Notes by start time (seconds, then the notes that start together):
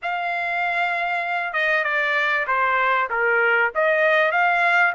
0.02 F5
1.53 D#5
1.84 D5
2.47 C5
3.09 A#4
3.74 D#5
4.31 F5